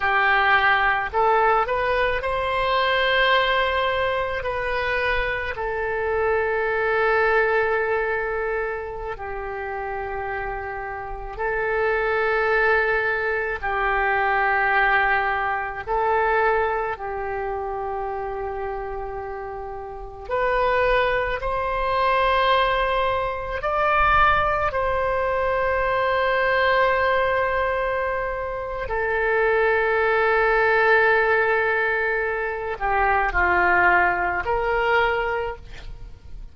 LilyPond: \new Staff \with { instrumentName = "oboe" } { \time 4/4 \tempo 4 = 54 g'4 a'8 b'8 c''2 | b'4 a'2.~ | a'16 g'2 a'4.~ a'16~ | a'16 g'2 a'4 g'8.~ |
g'2~ g'16 b'4 c''8.~ | c''4~ c''16 d''4 c''4.~ c''16~ | c''2 a'2~ | a'4. g'8 f'4 ais'4 | }